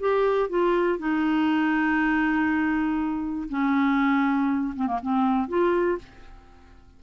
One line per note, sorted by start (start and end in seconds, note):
0.00 0.50 G4
0.50 0.99 F4
0.99 3.49 D#4
3.50 4.75 C#4
4.76 4.87 C4
4.87 5.00 A#3
5.02 5.48 C4
5.48 5.98 F4